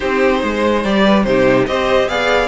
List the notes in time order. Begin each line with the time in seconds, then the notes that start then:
0.00 C4 D#4 G4 C5
0.40 G#3 C5
0.83 G3 G4 D5
1.04 B4
1.23 C3 D#4 G4 C5
1.67 C4 G4 C5 D#5
2.08 B3 G#4 D5 F5